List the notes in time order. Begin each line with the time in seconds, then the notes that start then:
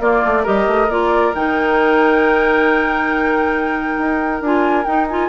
0.00 A#3 F4 D5
0.25 A3
0.43 G3 G4 A#4 D#5
0.67 A3
0.89 A#3 F4 D5
1.35 D#3 D#4 G5
3.98 D#4
4.42 D4 F4 G#5
4.85 D#4 G5
5.09 F4 G#5